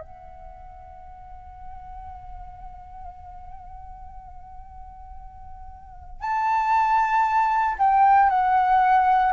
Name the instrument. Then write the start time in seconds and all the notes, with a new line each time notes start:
flute
0.00 F#5
6.21 A5
7.79 G5
8.29 F#5